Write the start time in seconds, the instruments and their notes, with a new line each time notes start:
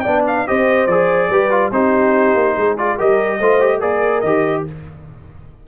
0.00 tuba B3, trombone D4, horn D5, trumpet G5
0.26 trumpet F5
0.47 tuba C4, trombone G4, horn C5, trumpet D#5
0.86 tuba F3, trombone G#4, trumpet D5
1.29 tuba G3, trombone G4, horn B4
1.50 trombone F4
1.71 tuba C4, trombone D#4, horn G4, trumpet C5
2.34 tuba A#3
2.56 tuba G#3, horn G#4
2.77 trombone F4, trumpet D5
2.97 tuba G3, trombone G4, horn A#4, trumpet D#5
3.39 tuba A3, trombone F4, horn C5
3.60 trombone G4
3.78 tuba A#3, trombone G#4, horn A#4, trumpet D5
4.20 tuba D#3, trombone G4, trumpet D#5